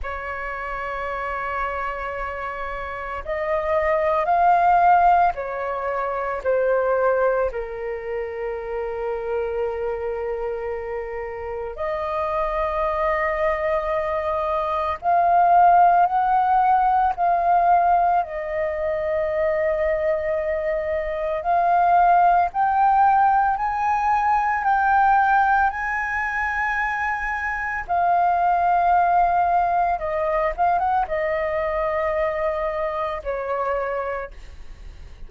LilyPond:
\new Staff \with { instrumentName = "flute" } { \time 4/4 \tempo 4 = 56 cis''2. dis''4 | f''4 cis''4 c''4 ais'4~ | ais'2. dis''4~ | dis''2 f''4 fis''4 |
f''4 dis''2. | f''4 g''4 gis''4 g''4 | gis''2 f''2 | dis''8 f''16 fis''16 dis''2 cis''4 | }